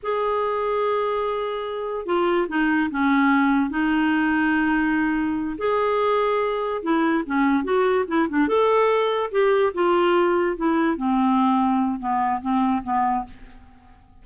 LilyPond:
\new Staff \with { instrumentName = "clarinet" } { \time 4/4 \tempo 4 = 145 gis'1~ | gis'4 f'4 dis'4 cis'4~ | cis'4 dis'2.~ | dis'4. gis'2~ gis'8~ |
gis'8 e'4 cis'4 fis'4 e'8 | d'8 a'2 g'4 f'8~ | f'4. e'4 c'4.~ | c'4 b4 c'4 b4 | }